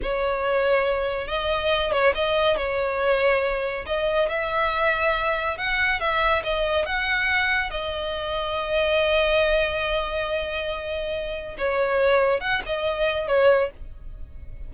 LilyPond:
\new Staff \with { instrumentName = "violin" } { \time 4/4 \tempo 4 = 140 cis''2. dis''4~ | dis''8 cis''8 dis''4 cis''2~ | cis''4 dis''4 e''2~ | e''4 fis''4 e''4 dis''4 |
fis''2 dis''2~ | dis''1~ | dis''2. cis''4~ | cis''4 fis''8 dis''4. cis''4 | }